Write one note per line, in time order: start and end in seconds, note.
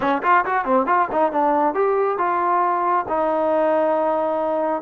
0.00 0.22 C#4
0.22 0.44 F4
0.45 0.64 F#4
0.64 0.86 C4
0.86 1.08 F4
1.11 1.32 D#4
1.32 1.74 D4
1.74 2.18 G4
2.18 3.05 F4
3.08 4.82 D#4